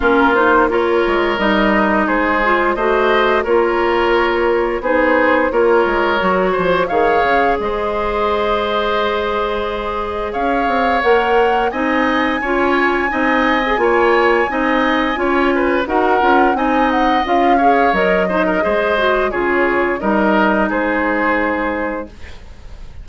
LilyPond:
<<
  \new Staff \with { instrumentName = "flute" } { \time 4/4 \tempo 4 = 87 ais'8 c''8 cis''4 dis''4 c''4 | dis''4 cis''2 c''4 | cis''2 f''4 dis''4~ | dis''2. f''4 |
fis''4 gis''2.~ | gis''2. fis''4 | gis''8 fis''8 f''4 dis''2 | cis''4 dis''4 c''2 | }
  \new Staff \with { instrumentName = "oboe" } { \time 4/4 f'4 ais'2 gis'4 | c''4 ais'2 gis'4 | ais'4. c''8 cis''4 c''4~ | c''2. cis''4~ |
cis''4 dis''4 cis''4 dis''4 | cis''4 dis''4 cis''8 b'8 ais'4 | dis''4. cis''4 c''16 ais'16 c''4 | gis'4 ais'4 gis'2 | }
  \new Staff \with { instrumentName = "clarinet" } { \time 4/4 cis'8 dis'8 f'4 dis'4. f'8 | fis'4 f'2 dis'4 | f'4 fis'4 gis'2~ | gis'1 |
ais'4 dis'4 f'4 dis'8. gis'16 | f'4 dis'4 f'4 fis'8 f'8 | dis'4 f'8 gis'8 ais'8 dis'8 gis'8 fis'8 | f'4 dis'2. | }
  \new Staff \with { instrumentName = "bassoon" } { \time 4/4 ais4. gis8 g4 gis4 | a4 ais2 b4 | ais8 gis8 fis8 f8 dis8 cis8 gis4~ | gis2. cis'8 c'8 |
ais4 c'4 cis'4 c'4 | ais4 c'4 cis'4 dis'8 cis'8 | c'4 cis'4 fis4 gis4 | cis4 g4 gis2 | }
>>